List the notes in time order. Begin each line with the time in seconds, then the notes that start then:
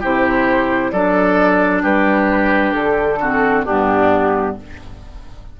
0.00 C3 E4 G4 C5
0.91 F#3 D4 A4 D5
1.82 G3 G4 B4
2.73 D3 A4
3.20 C4 F#4
3.65 G2 B3 D4 G4